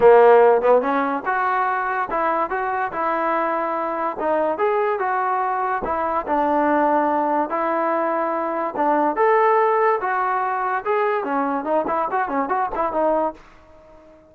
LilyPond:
\new Staff \with { instrumentName = "trombone" } { \time 4/4 \tempo 4 = 144 ais4. b8 cis'4 fis'4~ | fis'4 e'4 fis'4 e'4~ | e'2 dis'4 gis'4 | fis'2 e'4 d'4~ |
d'2 e'2~ | e'4 d'4 a'2 | fis'2 gis'4 cis'4 | dis'8 e'8 fis'8 cis'8 fis'8 e'8 dis'4 | }